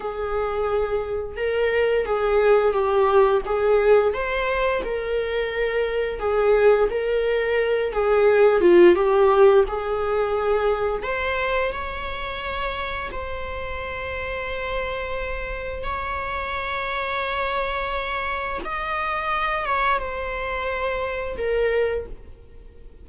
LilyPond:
\new Staff \with { instrumentName = "viola" } { \time 4/4 \tempo 4 = 87 gis'2 ais'4 gis'4 | g'4 gis'4 c''4 ais'4~ | ais'4 gis'4 ais'4. gis'8~ | gis'8 f'8 g'4 gis'2 |
c''4 cis''2 c''4~ | c''2. cis''4~ | cis''2. dis''4~ | dis''8 cis''8 c''2 ais'4 | }